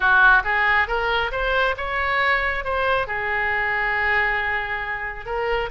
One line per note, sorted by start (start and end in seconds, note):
0.00 0.42 F#4
0.44 0.87 G#4
0.87 1.31 A#4
1.31 1.75 C5
1.77 2.64 C#5
2.64 3.07 C5
3.07 5.25 G#4
5.25 5.69 A#4